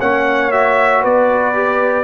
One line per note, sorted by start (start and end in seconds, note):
0.00 1.05 A#3
0.00 0.52 C#4
0.00 1.02 C#5
0.00 0.52 F#5
0.52 1.54 F#4
0.52 1.03 E5
1.02 2.05 B3
1.02 2.05 B4
1.02 2.05 D5
1.54 2.05 G4